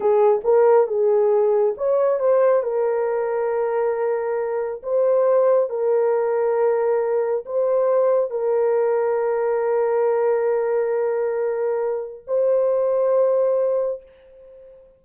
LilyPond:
\new Staff \with { instrumentName = "horn" } { \time 4/4 \tempo 4 = 137 gis'4 ais'4 gis'2 | cis''4 c''4 ais'2~ | ais'2. c''4~ | c''4 ais'2.~ |
ais'4 c''2 ais'4~ | ais'1~ | ais'1 | c''1 | }